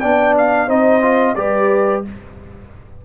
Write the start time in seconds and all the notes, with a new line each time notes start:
0.00 B3 D4 D5 G5
0.37 F5
0.66 C4 D#4 C5 D#5
1.01 F4
1.35 G3 G4 B4 D5